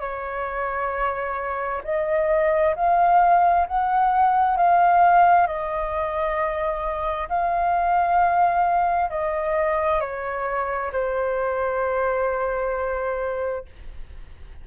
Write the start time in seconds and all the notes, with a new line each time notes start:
0.00 C#5
1.84 D#5
2.76 F5
3.67 F#5
4.57 F5
5.47 D#5
7.29 F5
9.10 D#5
10.00 C#5
10.93 C5